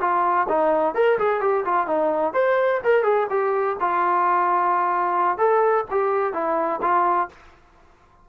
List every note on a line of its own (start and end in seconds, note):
0.00 0.47 F4
0.48 0.95 D#4
0.95 1.18 A#4
1.18 1.40 G#4
1.40 1.64 G4
1.65 1.87 F4
1.87 2.33 D#4
2.33 2.80 C5
2.83 3.03 A#4
3.03 3.27 G#4
3.29 3.76 G4
3.80 5.38 F4
5.38 5.84 A4
5.91 6.33 G4
6.33 6.80 E4
6.82 7.28 F4